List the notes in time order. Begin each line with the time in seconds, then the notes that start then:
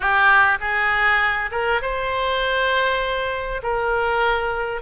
0.00 G4
0.60 G#4
1.51 A#4
1.81 C5
3.62 A#4